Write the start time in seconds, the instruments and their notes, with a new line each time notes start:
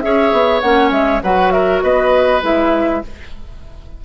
0.00 bassoon C#4, clarinet G#4, oboe C#5, flute E5
0.32 bassoon B3
0.60 bassoon A#3, clarinet C#4, flute F#5
0.91 bassoon G#3, flute E5
1.22 bassoon F#3, clarinet F#4, oboe B4, flute F#5
1.51 oboe A#4, flute E5
1.82 bassoon B3, oboe B4, flute D#5
2.42 bassoon G#3, clarinet E4, flute E5